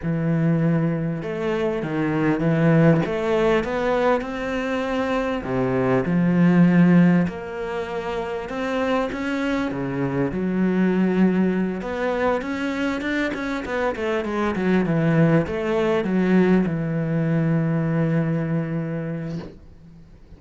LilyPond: \new Staff \with { instrumentName = "cello" } { \time 4/4 \tempo 4 = 99 e2 a4 dis4 | e4 a4 b4 c'4~ | c'4 c4 f2 | ais2 c'4 cis'4 |
cis4 fis2~ fis8 b8~ | b8 cis'4 d'8 cis'8 b8 a8 gis8 | fis8 e4 a4 fis4 e8~ | e1 | }